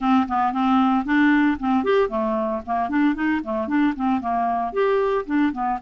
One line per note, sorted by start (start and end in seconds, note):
0.00 0.27 C4
0.28 0.52 B3
0.52 1.05 C4
1.05 1.57 D4
1.59 1.84 C4
1.84 2.09 G4
2.09 2.61 A3
2.66 2.89 A#3
2.89 3.15 D4
3.15 3.41 D#4
3.43 3.67 A3
3.67 3.94 D4
3.95 4.20 C4
4.20 4.72 A#3
4.72 5.25 G4
5.26 5.52 D4
5.52 5.78 B3